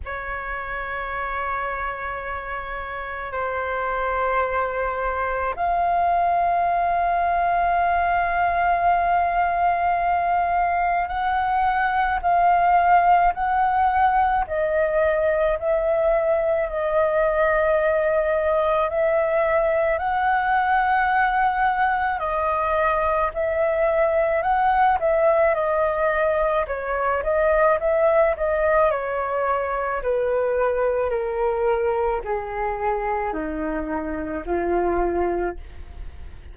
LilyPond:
\new Staff \with { instrumentName = "flute" } { \time 4/4 \tempo 4 = 54 cis''2. c''4~ | c''4 f''2.~ | f''2 fis''4 f''4 | fis''4 dis''4 e''4 dis''4~ |
dis''4 e''4 fis''2 | dis''4 e''4 fis''8 e''8 dis''4 | cis''8 dis''8 e''8 dis''8 cis''4 b'4 | ais'4 gis'4 dis'4 f'4 | }